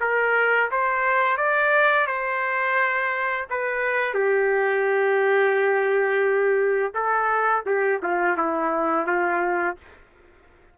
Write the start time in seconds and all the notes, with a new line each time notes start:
0.00 A#4
0.71 C5
1.37 D5
2.06 C5
3.49 B4
4.14 G4
6.94 A4
7.66 G4
8.02 F4
8.37 E4
9.07 F4